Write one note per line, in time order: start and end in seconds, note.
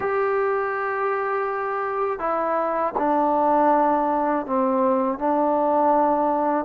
0.00 2.19 G4
2.19 2.93 E4
2.98 4.46 D4
4.46 5.18 C4
5.18 6.65 D4